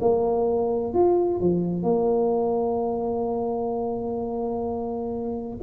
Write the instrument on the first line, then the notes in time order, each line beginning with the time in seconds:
tuba
0.00 A#3
0.93 F4
1.40 F3
1.83 A#3